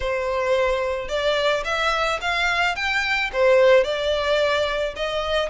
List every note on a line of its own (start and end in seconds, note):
0.00 1.08 C5
1.08 1.63 D5
1.64 2.19 E5
2.21 2.75 F5
2.75 3.30 G5
3.32 3.84 C5
3.84 4.94 D5
4.96 5.49 D#5